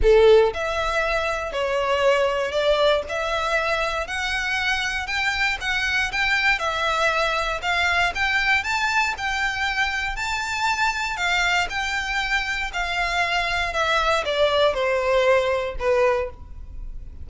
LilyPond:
\new Staff \with { instrumentName = "violin" } { \time 4/4 \tempo 4 = 118 a'4 e''2 cis''4~ | cis''4 d''4 e''2 | fis''2 g''4 fis''4 | g''4 e''2 f''4 |
g''4 a''4 g''2 | a''2 f''4 g''4~ | g''4 f''2 e''4 | d''4 c''2 b'4 | }